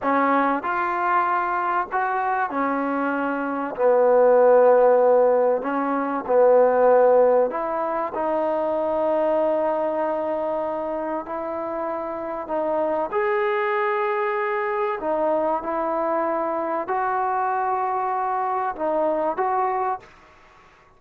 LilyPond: \new Staff \with { instrumentName = "trombone" } { \time 4/4 \tempo 4 = 96 cis'4 f'2 fis'4 | cis'2 b2~ | b4 cis'4 b2 | e'4 dis'2.~ |
dis'2 e'2 | dis'4 gis'2. | dis'4 e'2 fis'4~ | fis'2 dis'4 fis'4 | }